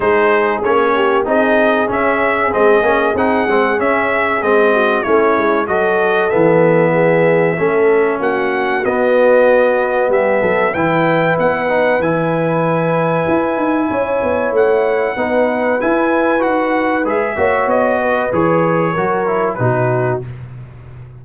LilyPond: <<
  \new Staff \with { instrumentName = "trumpet" } { \time 4/4 \tempo 4 = 95 c''4 cis''4 dis''4 e''4 | dis''4 fis''4 e''4 dis''4 | cis''4 dis''4 e''2~ | e''4 fis''4 dis''2 |
e''4 g''4 fis''4 gis''4~ | gis''2. fis''4~ | fis''4 gis''4 fis''4 e''4 | dis''4 cis''2 b'4 | }
  \new Staff \with { instrumentName = "horn" } { \time 4/4 gis'4. g'8 gis'2~ | gis'2.~ gis'8 fis'8 | e'4 a'2 gis'4 | a'4 fis'2. |
g'8 a'8 b'2.~ | b'2 cis''2 | b'2.~ b'8 cis''8~ | cis''8 b'4. ais'4 fis'4 | }
  \new Staff \with { instrumentName = "trombone" } { \time 4/4 dis'4 cis'4 dis'4 cis'4 | c'8 cis'8 dis'8 c'8 cis'4 c'4 | cis'4 fis'4 b2 | cis'2 b2~ |
b4 e'4. dis'8 e'4~ | e'1 | dis'4 e'4 fis'4 gis'8 fis'8~ | fis'4 gis'4 fis'8 e'8 dis'4 | }
  \new Staff \with { instrumentName = "tuba" } { \time 4/4 gis4 ais4 c'4 cis'4 | gis8 ais8 c'8 gis8 cis'4 gis4 | a8 gis8 fis4 e2 | a4 ais4 b2 |
g8 fis8 e4 b4 e4~ | e4 e'8 dis'8 cis'8 b8 a4 | b4 e'4 dis'4 gis8 ais8 | b4 e4 fis4 b,4 | }
>>